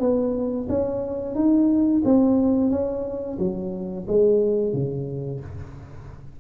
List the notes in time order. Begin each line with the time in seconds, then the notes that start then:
0.00 B3
0.69 C#4
1.35 D#4
2.05 C4
2.71 C#4
3.39 F#3
4.08 G#3
4.73 C#3